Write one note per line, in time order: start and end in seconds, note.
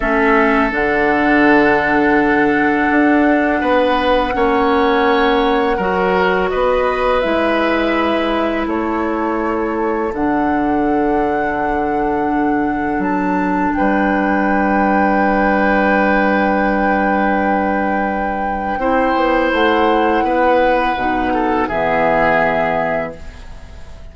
0.00 0.72 A3
0.00 0.70 C#4
0.00 3.60 A4
0.00 0.71 E5
0.70 2.88 D3
0.70 4.31 D4
0.70 6.49 F#5
2.91 3.61 D4
3.60 4.33 B3
3.60 4.32 B4
4.32 5.78 A#3
4.32 5.77 C#4
4.32 5.77 C#5
5.77 6.50 F#3
5.77 7.22 F#4
5.77 6.49 A#4
6.49 7.24 B3
6.49 8.67 B4
6.49 7.20 D#5
7.20 8.66 G#3
7.20 10.11 E4
7.20 8.65 E5
8.66 10.11 A3
8.66 13.74 A4
8.66 10.13 C#5
10.13 12.98 D3
10.13 18.80 D4
10.13 13.02 F#5
12.98 13.70 F#3
12.98 13.73 A5
13.73 18.77 G3
13.73 18.79 B4
13.73 19.52 G5
18.77 19.13 C4
18.77 20.97 E4
18.77 20.24 C5
19.15 19.51 B3
19.52 20.23 A3
19.52 21.67 F#5
20.23 20.95 B3
20.23 21.32 B4
20.95 21.68 B2
20.95 21.70 D#4
21.33 21.68 A4
21.67 23.14 E3
21.67 23.16 B3
21.67 23.12 G#4
21.67 23.12 E5